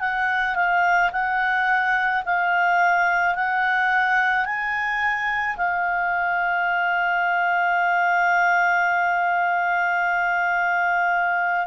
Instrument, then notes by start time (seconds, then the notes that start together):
clarinet
0.00 F#5
0.55 F5
1.12 F#5
2.25 F5
3.35 F#5
4.45 G#5
5.57 F5